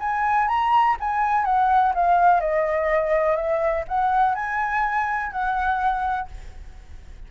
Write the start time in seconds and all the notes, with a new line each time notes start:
0.00 G#5
0.48 A#5
1.00 G#5
1.45 F#5
1.94 F5
2.41 D#5
3.36 E5
3.88 F#5
4.35 G#5
5.32 F#5